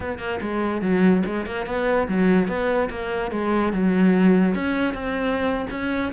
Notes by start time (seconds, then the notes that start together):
0.00 B3
0.18 A#3
0.41 G#3
0.81 F#3
1.25 G#3
1.46 A#3
1.66 B3
2.07 F#3
2.48 B3
2.90 A#3
3.31 G#3
3.72 F#3
4.55 C#4
4.94 C4
5.70 C#4